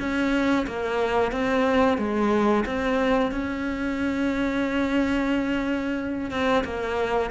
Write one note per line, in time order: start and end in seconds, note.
0.00 0.67 C#4
0.67 1.32 A#3
1.32 1.98 C4
1.98 2.65 G#3
2.66 3.32 C4
3.32 6.31 C#4
6.31 6.64 C4
6.65 7.31 A#3